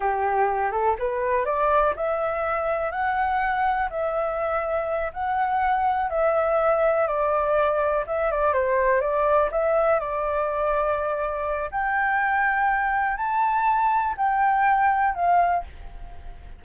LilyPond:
\new Staff \with { instrumentName = "flute" } { \time 4/4 \tempo 4 = 123 g'4. a'8 b'4 d''4 | e''2 fis''2 | e''2~ e''8 fis''4.~ | fis''8 e''2 d''4.~ |
d''8 e''8 d''8 c''4 d''4 e''8~ | e''8 d''2.~ d''8 | g''2. a''4~ | a''4 g''2 f''4 | }